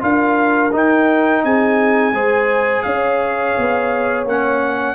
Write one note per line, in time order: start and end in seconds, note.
0.00 0.73 D4
0.00 0.71 F4
0.00 1.45 A#4
0.00 0.73 F5
0.72 2.13 D#4
0.72 1.44 D#4
0.72 1.45 G5
1.44 2.12 C4
1.44 2.14 G#4
1.44 2.83 G#5
2.12 2.83 G#3
2.12 4.26 G#4
2.12 2.85 C5
2.83 3.56 C#4
2.83 4.95 C#5
2.83 4.24 F5
3.58 4.25 B3
4.25 4.95 A#3
4.25 4.95 C#4
4.25 4.95 F#5